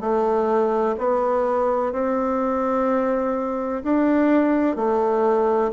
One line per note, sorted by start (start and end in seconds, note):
0.00 0.95 A3
0.98 1.92 B3
1.92 3.82 C4
3.83 4.76 D4
4.76 5.71 A3